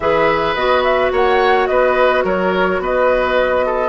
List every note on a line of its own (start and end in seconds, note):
0.00 0.55 E3
0.00 0.57 G#4
0.00 1.12 B4
0.00 0.55 E5
0.55 1.11 B3
0.55 3.88 F#4
0.55 0.83 D#5
0.83 1.11 E5
1.12 1.68 A#3
1.12 1.68 C#5
1.12 1.66 F#5
1.66 2.24 B3
1.66 2.24 B4
1.66 2.23 D#5
2.24 2.79 F#3
2.24 2.80 A#4
2.24 2.82 C#5
2.79 3.88 B3
2.79 3.65 B4
2.79 3.88 D#5
3.65 3.88 A4